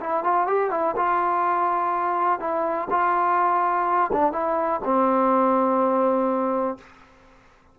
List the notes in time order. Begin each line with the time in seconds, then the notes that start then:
0.00 E4
0.24 F4
0.47 G4
0.71 E4
0.96 F4
2.40 E4
2.90 F4
4.13 D4
4.32 E4
4.84 C4